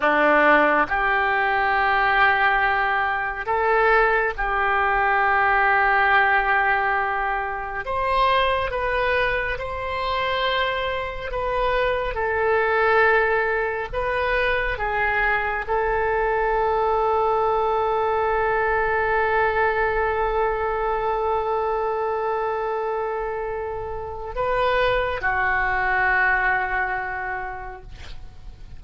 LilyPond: \new Staff \with { instrumentName = "oboe" } { \time 4/4 \tempo 4 = 69 d'4 g'2. | a'4 g'2.~ | g'4 c''4 b'4 c''4~ | c''4 b'4 a'2 |
b'4 gis'4 a'2~ | a'1~ | a'1 | b'4 fis'2. | }